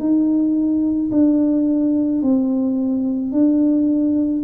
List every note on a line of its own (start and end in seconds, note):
0.00 1.11 D#4
1.12 2.22 D4
2.22 3.32 C4
3.32 4.43 D4